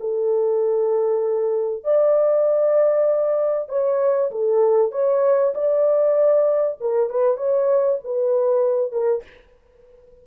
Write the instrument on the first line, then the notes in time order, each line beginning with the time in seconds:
horn
0.00 A4
1.84 D5
3.69 C#5
4.31 A4
4.92 C#5
5.54 D5
6.80 A#4
7.09 B4
7.37 C#5
8.04 B4
8.92 A#4